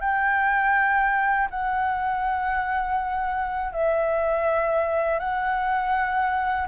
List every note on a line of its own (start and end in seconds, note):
0.00 1.48 G5
1.50 3.72 F#5
3.72 5.19 E5
5.19 6.67 F#5